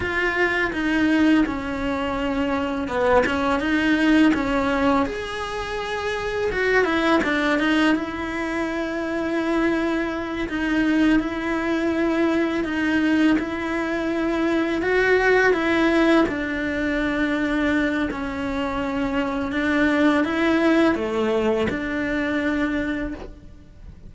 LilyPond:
\new Staff \with { instrumentName = "cello" } { \time 4/4 \tempo 4 = 83 f'4 dis'4 cis'2 | b8 cis'8 dis'4 cis'4 gis'4~ | gis'4 fis'8 e'8 d'8 dis'8 e'4~ | e'2~ e'8 dis'4 e'8~ |
e'4. dis'4 e'4.~ | e'8 fis'4 e'4 d'4.~ | d'4 cis'2 d'4 | e'4 a4 d'2 | }